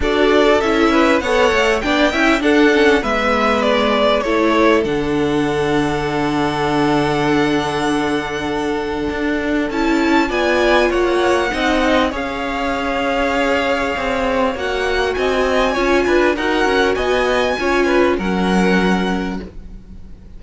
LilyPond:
<<
  \new Staff \with { instrumentName = "violin" } { \time 4/4 \tempo 4 = 99 d''4 e''4 fis''4 g''4 | fis''4 e''4 d''4 cis''4 | fis''1~ | fis''1 |
a''4 gis''4 fis''2 | f''1 | fis''4 gis''2 fis''4 | gis''2 fis''2 | }
  \new Staff \with { instrumentName = "violin" } { \time 4/4 a'4. b'8 cis''4 d''8 e''8 | a'4 b'2 a'4~ | a'1~ | a'1~ |
a'4 d''4 cis''4 dis''4 | cis''1~ | cis''4 dis''4 cis''8 b'8 ais'4 | dis''4 cis''8 b'8 ais'2 | }
  \new Staff \with { instrumentName = "viola" } { \time 4/4 fis'4 e'4 a'4 d'8 e'8 | d'8 cis'8 b2 e'4 | d'1~ | d'1 |
e'4 f'2 dis'4 | gis'1 | fis'2 f'4 fis'4~ | fis'4 f'4 cis'2 | }
  \new Staff \with { instrumentName = "cello" } { \time 4/4 d'4 cis'4 b8 a8 b8 cis'8 | d'4 gis2 a4 | d1~ | d2. d'4 |
cis'4 b4 ais4 c'4 | cis'2. c'4 | ais4 c'4 cis'8 d'8 dis'8 cis'8 | b4 cis'4 fis2 | }
>>